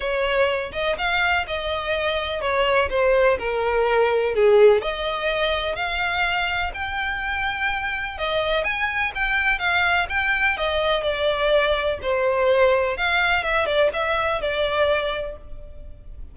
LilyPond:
\new Staff \with { instrumentName = "violin" } { \time 4/4 \tempo 4 = 125 cis''4. dis''8 f''4 dis''4~ | dis''4 cis''4 c''4 ais'4~ | ais'4 gis'4 dis''2 | f''2 g''2~ |
g''4 dis''4 gis''4 g''4 | f''4 g''4 dis''4 d''4~ | d''4 c''2 f''4 | e''8 d''8 e''4 d''2 | }